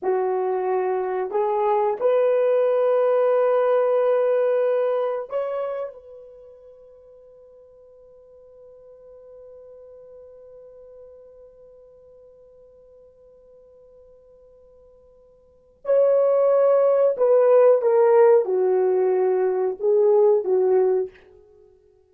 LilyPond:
\new Staff \with { instrumentName = "horn" } { \time 4/4 \tempo 4 = 91 fis'2 gis'4 b'4~ | b'1 | cis''4 b'2.~ | b'1~ |
b'1~ | b'1 | cis''2 b'4 ais'4 | fis'2 gis'4 fis'4 | }